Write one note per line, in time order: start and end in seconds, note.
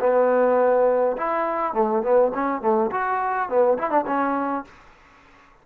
0.00 1.17 B3
1.17 1.73 E4
1.73 2.02 A3
2.02 2.31 B3
2.34 2.61 C#4
2.61 2.90 A3
2.91 3.49 F#4
3.49 3.78 B3
3.78 3.90 E4
3.90 4.05 D4
4.06 4.64 C#4